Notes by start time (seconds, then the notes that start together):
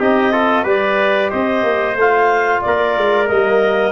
0.00 C4 D#4 G4 D#5
0.33 F4 A4
0.64 G3 G4 B4 D5
1.31 C4 C5 D#5
1.64 A#3
1.96 A3 F4 F5
2.62 A#3 A#4 D5
2.98 G#3
3.27 G3 A#3 D#5